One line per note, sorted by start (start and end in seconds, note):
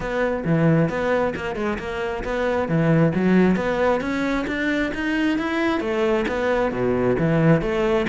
0.00 0.44 B3
0.44 0.89 E3
0.89 1.34 B3
1.35 1.55 A#3
1.55 1.78 G#3
1.78 2.23 A#3
2.23 2.68 B3
2.68 3.13 E3
3.14 3.56 F#3
3.56 4.01 B3
4.01 4.45 C#4
4.47 4.91 D4
4.94 5.38 D#4
5.38 5.80 E4
5.80 6.25 A3
6.27 6.71 B3
6.71 7.16 B2
7.19 7.61 E3
7.61 8.06 A3